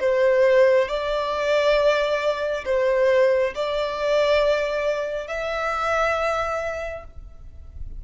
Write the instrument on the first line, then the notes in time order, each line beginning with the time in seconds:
violin
0.00 C5
0.88 D5
2.65 C5
3.55 D5
5.27 E5